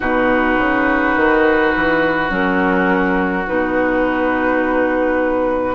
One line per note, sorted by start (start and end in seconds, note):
0.00 0.58 B2
0.00 2.29 D#4
0.00 5.75 F#4
0.00 2.31 B4
0.58 1.16 C#3
1.16 1.73 D#3
1.75 2.29 E3
2.29 3.45 F#3
2.29 3.44 C#4
2.29 3.47 A#4
3.46 5.75 B2
3.46 5.75 D#4
3.46 5.75 B4